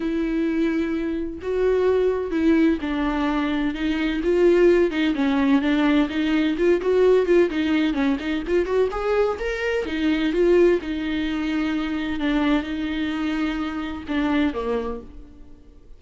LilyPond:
\new Staff \with { instrumentName = "viola" } { \time 4/4 \tempo 4 = 128 e'2. fis'4~ | fis'4 e'4 d'2 | dis'4 f'4. dis'8 cis'4 | d'4 dis'4 f'8 fis'4 f'8 |
dis'4 cis'8 dis'8 f'8 fis'8 gis'4 | ais'4 dis'4 f'4 dis'4~ | dis'2 d'4 dis'4~ | dis'2 d'4 ais4 | }